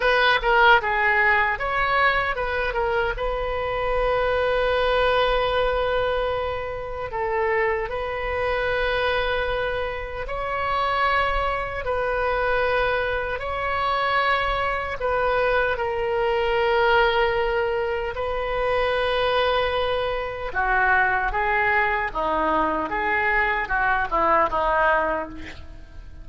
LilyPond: \new Staff \with { instrumentName = "oboe" } { \time 4/4 \tempo 4 = 76 b'8 ais'8 gis'4 cis''4 b'8 ais'8 | b'1~ | b'4 a'4 b'2~ | b'4 cis''2 b'4~ |
b'4 cis''2 b'4 | ais'2. b'4~ | b'2 fis'4 gis'4 | dis'4 gis'4 fis'8 e'8 dis'4 | }